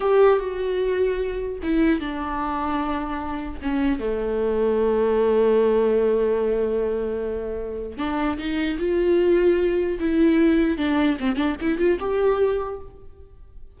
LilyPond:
\new Staff \with { instrumentName = "viola" } { \time 4/4 \tempo 4 = 150 g'4 fis'2. | e'4 d'2.~ | d'4 cis'4 a2~ | a1~ |
a1 | d'4 dis'4 f'2~ | f'4 e'2 d'4 | c'8 d'8 e'8 f'8 g'2 | }